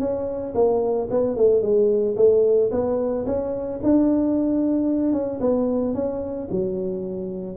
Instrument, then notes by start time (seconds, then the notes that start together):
tuba
0.00 C#4
0.55 A#3
1.11 B3
1.37 A3
1.62 G#3
2.17 A3
2.71 B3
3.26 C#4
3.84 D4
5.13 C#4
5.41 B3
5.95 C#4
6.51 F#3